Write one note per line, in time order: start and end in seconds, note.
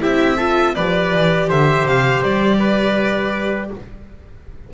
0.00 0.77 C4
0.00 0.37 E4
0.00 0.37 G4
0.00 0.75 E5
0.37 0.76 F4
0.37 0.74 A4
0.75 1.14 F3
0.75 3.73 G4
0.75 1.49 B4
0.75 1.49 D5
1.14 1.50 E3
1.49 1.84 D3
1.49 2.59 C5
1.49 1.87 E5
1.84 2.21 C3
1.84 2.23 F5
2.23 3.71 G3
2.23 3.71 D5
2.59 3.70 B4